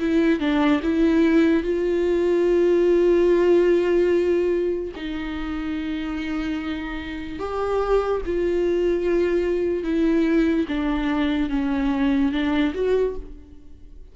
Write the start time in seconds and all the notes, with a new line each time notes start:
0.00 E4
0.40 D4
0.83 E4
1.64 F4
4.96 D#4
7.40 G4
8.26 F4
9.84 E4
10.68 D4
11.50 C#4
12.33 D4
12.75 F#4